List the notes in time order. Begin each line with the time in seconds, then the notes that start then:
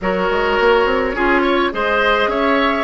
0.01 F#3 F#4 A#4 C#5
0.29 G#3
0.59 A#3
0.85 C4
1.13 C#4 F4 G#4
1.41 C#5
1.71 G#3 G#4 C5 D#5
2.27 C#4 C#5 E5